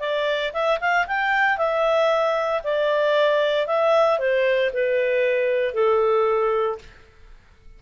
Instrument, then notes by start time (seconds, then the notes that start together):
clarinet
0.00 D5
0.53 E5
0.81 F5
1.08 G5
1.58 E5
2.64 D5
3.67 E5
4.19 C5
4.74 B4
5.74 A4